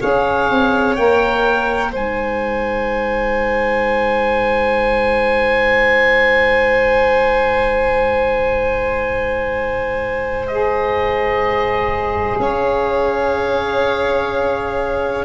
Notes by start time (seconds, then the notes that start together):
0.00 C#4 G#4 C#5 F5
0.50 C4
0.95 A#3 A#4 G5
1.91 G#3 D#4 C5 G#5
10.47 G#4 D#5
12.38 C#4 C#5 F5